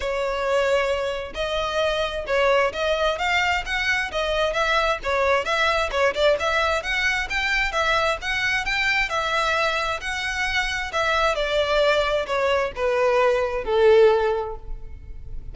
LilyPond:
\new Staff \with { instrumentName = "violin" } { \time 4/4 \tempo 4 = 132 cis''2. dis''4~ | dis''4 cis''4 dis''4 f''4 | fis''4 dis''4 e''4 cis''4 | e''4 cis''8 d''8 e''4 fis''4 |
g''4 e''4 fis''4 g''4 | e''2 fis''2 | e''4 d''2 cis''4 | b'2 a'2 | }